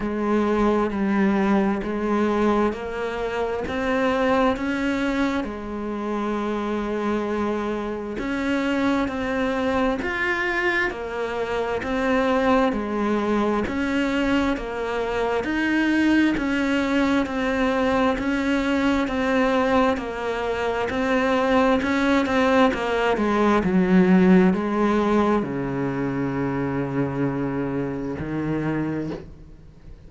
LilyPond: \new Staff \with { instrumentName = "cello" } { \time 4/4 \tempo 4 = 66 gis4 g4 gis4 ais4 | c'4 cis'4 gis2~ | gis4 cis'4 c'4 f'4 | ais4 c'4 gis4 cis'4 |
ais4 dis'4 cis'4 c'4 | cis'4 c'4 ais4 c'4 | cis'8 c'8 ais8 gis8 fis4 gis4 | cis2. dis4 | }